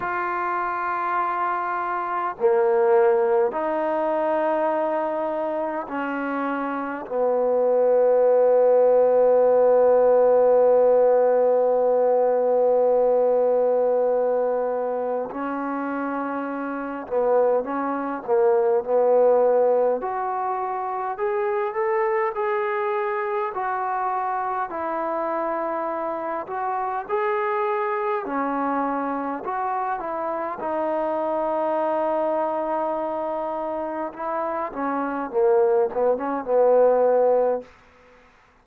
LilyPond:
\new Staff \with { instrumentName = "trombone" } { \time 4/4 \tempo 4 = 51 f'2 ais4 dis'4~ | dis'4 cis'4 b2~ | b1~ | b4 cis'4. b8 cis'8 ais8 |
b4 fis'4 gis'8 a'8 gis'4 | fis'4 e'4. fis'8 gis'4 | cis'4 fis'8 e'8 dis'2~ | dis'4 e'8 cis'8 ais8 b16 cis'16 b4 | }